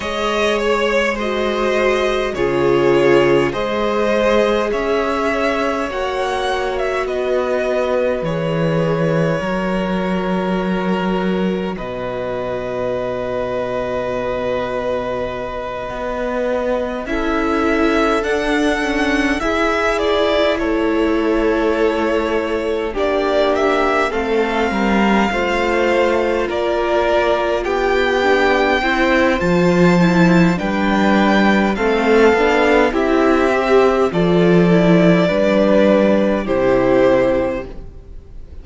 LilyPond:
<<
  \new Staff \with { instrumentName = "violin" } { \time 4/4 \tempo 4 = 51 dis''8 cis''8 dis''4 cis''4 dis''4 | e''4 fis''8. e''16 dis''4 cis''4~ | cis''2 dis''2~ | dis''2~ dis''8 e''4 fis''8~ |
fis''8 e''8 d''8 cis''2 d''8 | e''8 f''2 d''4 g''8~ | g''4 a''4 g''4 f''4 | e''4 d''2 c''4 | }
  \new Staff \with { instrumentName = "violin" } { \time 4/4 cis''4 c''4 gis'4 c''4 | cis''2 b'2 | ais'2 b'2~ | b'2~ b'8 a'4.~ |
a'8 gis'4 a'2 g'8~ | g'8 a'8 ais'8 c''4 ais'4 g'8~ | g'8 c''4. b'4 a'4 | g'4 a'4 b'4 g'4 | }
  \new Staff \with { instrumentName = "viola" } { \time 4/4 gis'4 fis'4 f'4 gis'4~ | gis'4 fis'2 gis'4 | fis'1~ | fis'2~ fis'8 e'4 d'8 |
cis'8 e'2. d'8~ | d'8 c'4 f'2~ f'8 | d'8 e'8 f'8 e'8 d'4 c'8 d'8 | e'8 g'8 f'8 e'8 d'4 e'4 | }
  \new Staff \with { instrumentName = "cello" } { \time 4/4 gis2 cis4 gis4 | cis'4 ais4 b4 e4 | fis2 b,2~ | b,4. b4 cis'4 d'8~ |
d'8 e'4 a2 ais8~ | ais8 a8 g8 a4 ais4 b8~ | b8 c'8 f4 g4 a8 b8 | c'4 f4 g4 c4 | }
>>